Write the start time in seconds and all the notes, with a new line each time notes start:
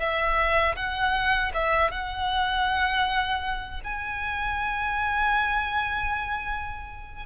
0.00 E5
0.76 F#5
1.54 E5
1.92 F#5
3.84 G#5